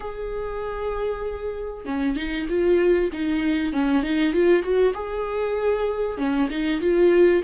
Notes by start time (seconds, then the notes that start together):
0.00 G#4
1.85 C#4
2.15 D#4
2.49 F4
3.12 D#4
3.72 C#4
4.03 D#4
4.33 F4
4.63 F#4
4.94 G#4
6.17 C#4
6.50 D#4
6.80 F4